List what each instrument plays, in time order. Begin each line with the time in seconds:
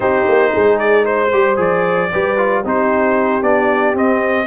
0.00 tuba C4, trombone D#4, horn G4, trumpet C5
0.28 tuba A#3
0.53 tuba G#3, horn G#4
0.79 trumpet D5
1.04 horn C5, trumpet C5
1.32 tuba G3, trombone G4
1.56 tuba F3, trombone G#4, trumpet D5
2.11 tuba G3, trombone G4, horn B4
2.37 trombone F4
2.62 tuba C4, trombone D#4, horn G4, trumpet C5
3.41 tuba B3, trombone D4, trumpet D5
3.94 trombone C4, tuba C4, trumpet D#5